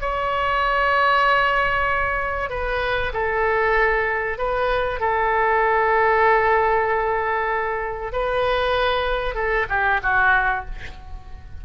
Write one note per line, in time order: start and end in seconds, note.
0.00 2.50 C#5
2.50 3.12 B4
3.13 4.38 A4
4.38 5.00 B4
5.00 8.12 A4
8.12 9.34 B4
9.34 9.66 A4
9.69 10.00 G4
10.03 10.65 F#4